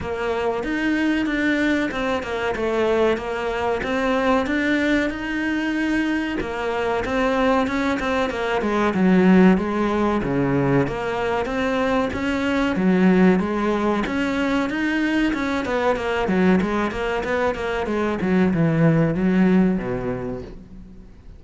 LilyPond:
\new Staff \with { instrumentName = "cello" } { \time 4/4 \tempo 4 = 94 ais4 dis'4 d'4 c'8 ais8 | a4 ais4 c'4 d'4 | dis'2 ais4 c'4 | cis'8 c'8 ais8 gis8 fis4 gis4 |
cis4 ais4 c'4 cis'4 | fis4 gis4 cis'4 dis'4 | cis'8 b8 ais8 fis8 gis8 ais8 b8 ais8 | gis8 fis8 e4 fis4 b,4 | }